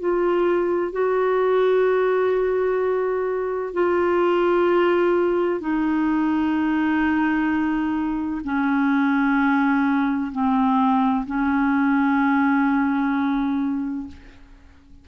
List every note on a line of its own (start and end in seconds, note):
0.00 0.92 F4
0.92 3.74 F#4
3.74 5.61 F4
5.61 8.42 D#4
8.45 10.32 C#4
10.32 11.26 C4
11.27 14.08 C#4